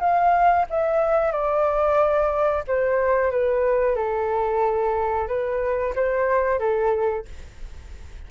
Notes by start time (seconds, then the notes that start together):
0.00 F5
0.70 E5
1.32 D5
2.68 C5
3.31 B4
3.96 A4
5.28 B4
5.96 C5
6.59 A4